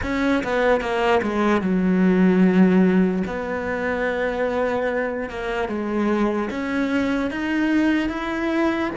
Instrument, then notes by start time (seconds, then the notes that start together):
cello
0.02 C#4
0.43 B3
0.80 A#3
1.22 G#3
1.61 F#3
3.27 B3
5.29 A#3
5.68 G#3
6.50 C#4
7.30 D#4
8.09 E4